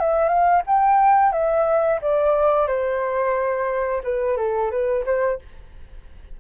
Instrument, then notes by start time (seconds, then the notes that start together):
flute
0.00 E5
0.29 F5
0.67 G5
1.33 E5
2.02 D5
2.68 C5
4.04 B4
4.38 A4
4.71 B4
5.06 C5